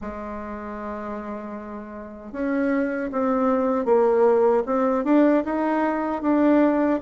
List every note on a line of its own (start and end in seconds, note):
0.01 2.32 G#3
2.32 3.10 C#4
3.12 3.85 C4
3.85 4.63 A#3
4.65 5.04 C4
5.04 5.43 D4
5.44 6.22 D#4
6.22 7.00 D4